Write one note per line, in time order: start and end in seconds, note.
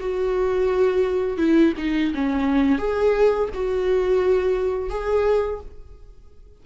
0.00 1.37 F#4
1.37 1.73 E4
1.78 2.13 D#4
2.14 2.78 C#4
2.78 3.49 G#4
3.54 4.90 F#4
4.90 5.60 G#4